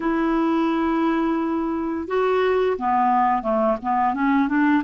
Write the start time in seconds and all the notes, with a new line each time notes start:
0.00 E4
2.07 F#4
2.78 B3
3.42 A3
3.82 B3
4.14 C#4
4.48 D4